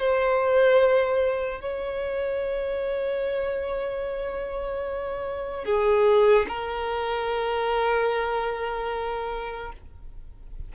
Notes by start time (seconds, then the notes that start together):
0.00 C5
1.61 C#5
5.65 G#4
6.49 A#4